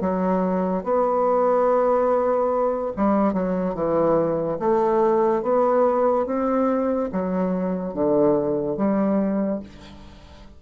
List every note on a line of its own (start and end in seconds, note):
0.00 0.83 F#3
0.83 2.92 B3
2.96 3.33 G3
3.33 3.74 F#3
3.74 4.58 E3
4.59 5.42 A3
5.42 6.25 B3
6.26 7.09 C4
7.11 7.93 F#3
7.93 8.77 D3
8.77 9.60 G3